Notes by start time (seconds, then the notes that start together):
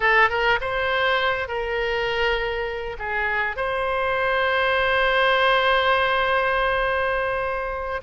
0.00 A4
0.29 A#4
0.60 C5
1.48 A#4
2.98 G#4
3.56 C5